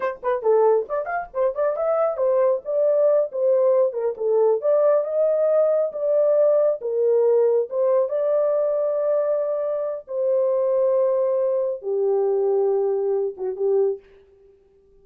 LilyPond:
\new Staff \with { instrumentName = "horn" } { \time 4/4 \tempo 4 = 137 c''8 b'8 a'4 d''8 f''8 c''8 d''8 | e''4 c''4 d''4. c''8~ | c''4 ais'8 a'4 d''4 dis''8~ | dis''4. d''2 ais'8~ |
ais'4. c''4 d''4.~ | d''2. c''4~ | c''2. g'4~ | g'2~ g'8 fis'8 g'4 | }